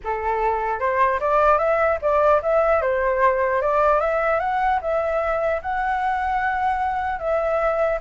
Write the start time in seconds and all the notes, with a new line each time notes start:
0.04 A4
0.79 C5
1.20 D5
1.58 E5
2.01 D5
2.42 E5
2.81 C5
3.61 D5
4.00 E5
4.39 F#5
4.81 E5
5.61 F#5
7.19 E5